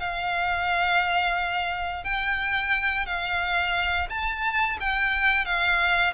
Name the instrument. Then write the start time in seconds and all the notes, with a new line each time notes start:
violin
0.00 F5
2.04 G5
3.06 F5
4.10 A5
4.80 G5
5.45 F5